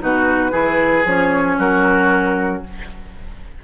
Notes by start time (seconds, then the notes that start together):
0.00 B2 D#4 F#4 B4
0.51 E3 E4 G#4
1.05 F3 C#4 C#5
1.58 F#3 F#4 A#4